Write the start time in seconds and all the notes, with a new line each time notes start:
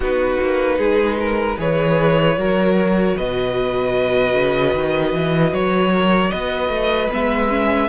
0.00 B3 D#4 F#4 B4
0.40 A#3
0.78 G#3 G#4
1.19 A#4
1.57 E3 G#4 B4 C#5
2.37 F#3 F#4 A#4
3.16 B2 B4 D#5
4.34 C#3
4.74 D#3
5.13 E3
5.52 F#3 C#5
5.92 A#4
6.30 B3 B4 D#5
6.69 A3
7.11 G#3 B3 E5
7.49 C#4